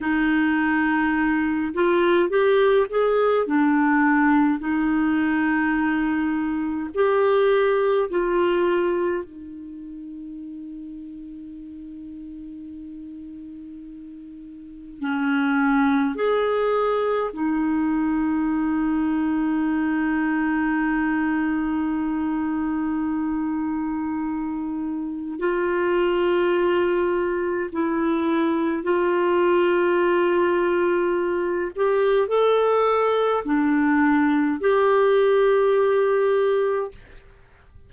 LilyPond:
\new Staff \with { instrumentName = "clarinet" } { \time 4/4 \tempo 4 = 52 dis'4. f'8 g'8 gis'8 d'4 | dis'2 g'4 f'4 | dis'1~ | dis'4 cis'4 gis'4 dis'4~ |
dis'1~ | dis'2 f'2 | e'4 f'2~ f'8 g'8 | a'4 d'4 g'2 | }